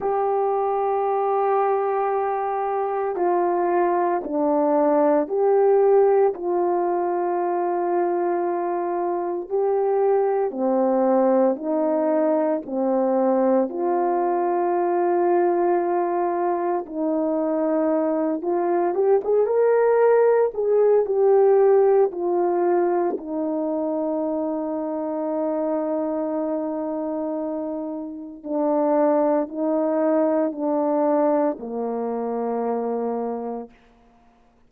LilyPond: \new Staff \with { instrumentName = "horn" } { \time 4/4 \tempo 4 = 57 g'2. f'4 | d'4 g'4 f'2~ | f'4 g'4 c'4 dis'4 | c'4 f'2. |
dis'4. f'8 g'16 gis'16 ais'4 gis'8 | g'4 f'4 dis'2~ | dis'2. d'4 | dis'4 d'4 ais2 | }